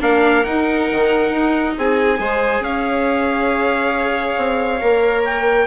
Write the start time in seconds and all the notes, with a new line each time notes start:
0.00 A#3 D4 A#4 F5
0.43 D#4 F#5
0.91 D#3
1.30 D#4
1.77 C4 G#4 G#5
2.17 G#3 G#4 C5
2.60 C#4 C#5 F5
4.37 C4
4.80 A#3 A#4
5.25 G5